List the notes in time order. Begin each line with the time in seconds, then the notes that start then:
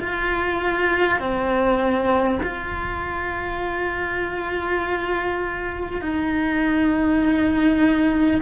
0.00 F4
1.19 C4
2.43 F4
6.01 D#4